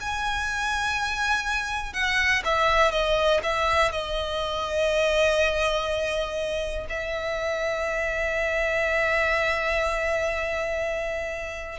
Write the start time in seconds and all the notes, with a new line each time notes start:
0.00 G#5
1.93 F#5
2.45 E5
2.91 D#5
3.43 E5
3.92 D#5
6.89 E5